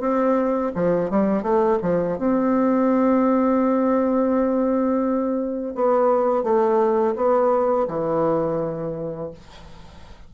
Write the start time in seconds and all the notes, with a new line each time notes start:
0.00 C4
0.75 F3
1.10 G3
1.42 A3
1.82 F3
2.18 C4
5.75 B3
6.43 A3
7.16 B3
7.87 E3